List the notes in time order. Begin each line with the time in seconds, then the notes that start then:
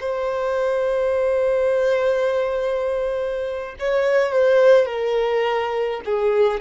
0.00 C5
3.79 C#5
4.32 C5
4.86 A#4
6.05 G#4